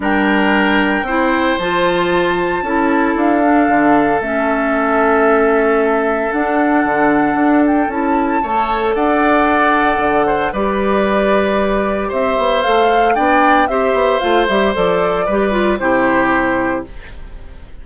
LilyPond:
<<
  \new Staff \with { instrumentName = "flute" } { \time 4/4 \tempo 4 = 114 g''2. a''4~ | a''2 f''2 | e''1 | fis''2~ fis''8 g''8 a''4~ |
a''4 fis''2. | d''2. e''4 | f''4 g''4 e''4 f''8 e''8 | d''2 c''2 | }
  \new Staff \with { instrumentName = "oboe" } { \time 4/4 ais'2 c''2~ | c''4 a'2.~ | a'1~ | a'1 |
cis''4 d''2~ d''8 c''8 | b'2. c''4~ | c''4 d''4 c''2~ | c''4 b'4 g'2 | }
  \new Staff \with { instrumentName = "clarinet" } { \time 4/4 d'2 e'4 f'4~ | f'4 e'4. d'4. | cis'1 | d'2. e'4 |
a'1 | g'1 | a'4 d'4 g'4 f'8 g'8 | a'4 g'8 f'8 e'2 | }
  \new Staff \with { instrumentName = "bassoon" } { \time 4/4 g2 c'4 f4~ | f4 cis'4 d'4 d4 | a1 | d'4 d4 d'4 cis'4 |
a4 d'2 d4 | g2. c'8 b8 | a4 b4 c'8 b8 a8 g8 | f4 g4 c2 | }
>>